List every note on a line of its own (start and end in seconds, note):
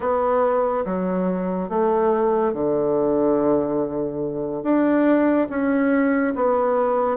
0.00 0.85 B3
0.85 1.69 F#3
1.69 2.53 A3
2.53 4.62 D3
4.62 5.47 D4
5.49 6.34 C#4
6.35 7.17 B3